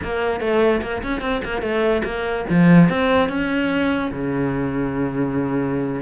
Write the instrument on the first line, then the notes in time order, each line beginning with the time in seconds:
cello
0.03 A#3
0.40 A3
0.81 A#3
1.03 C#4
1.21 C4
1.44 A#3
1.61 A3
2.04 A#3
2.49 F3
2.89 C4
3.29 C#4
4.11 C#3